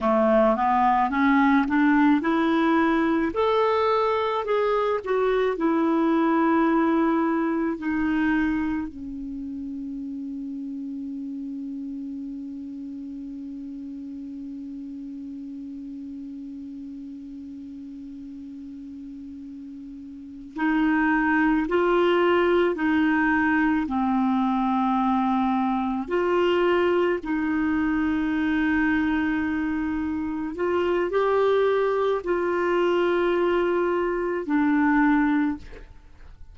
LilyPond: \new Staff \with { instrumentName = "clarinet" } { \time 4/4 \tempo 4 = 54 a8 b8 cis'8 d'8 e'4 a'4 | gis'8 fis'8 e'2 dis'4 | cis'1~ | cis'1~ |
cis'2~ cis'8 dis'4 f'8~ | f'8 dis'4 c'2 f'8~ | f'8 dis'2. f'8 | g'4 f'2 d'4 | }